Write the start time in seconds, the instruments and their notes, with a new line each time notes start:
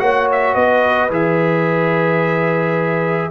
0.00 tuba A#3, trombone F#4, horn C#5, trumpet F#5
0.32 trumpet E5
0.55 tuba B3, horn B4, trumpet D#5
1.11 tuba E3, trombone G#4, trumpet E5